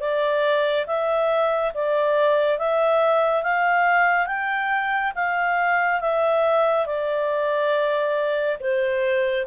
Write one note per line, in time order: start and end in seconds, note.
0.00 0.86 D5
0.86 1.72 E5
1.74 2.58 D5
2.58 3.43 E5
3.43 4.26 F5
4.26 5.12 G5
5.15 6.00 F5
6.00 6.86 E5
6.86 8.58 D5
8.60 9.46 C5